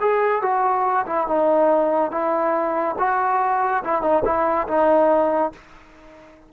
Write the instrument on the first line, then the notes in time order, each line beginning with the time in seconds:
trombone
0.00 G#4
0.42 F#4
1.06 E4
1.27 D#4
2.11 E4
2.98 F#4
3.84 E4
4.02 D#4
4.25 E4
4.67 D#4